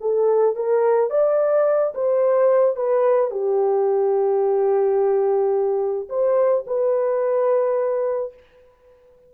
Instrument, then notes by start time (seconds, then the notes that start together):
horn
0.00 A4
0.56 A#4
1.10 D5
1.94 C5
2.76 B4
3.31 G4
6.09 C5
6.67 B4